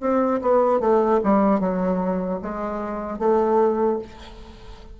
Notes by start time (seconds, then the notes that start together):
0.00 C4
0.41 B3
0.80 A3
1.23 G3
1.60 F#3
2.42 G#3
3.18 A3